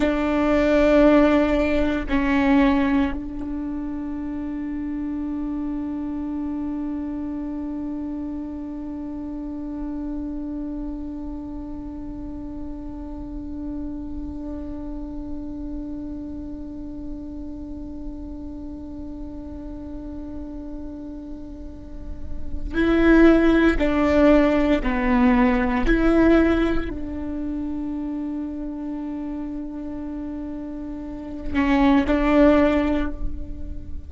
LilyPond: \new Staff \with { instrumentName = "viola" } { \time 4/4 \tempo 4 = 58 d'2 cis'4 d'4~ | d'1~ | d'1~ | d'1~ |
d'1~ | d'2 e'4 d'4 | b4 e'4 d'2~ | d'2~ d'8 cis'8 d'4 | }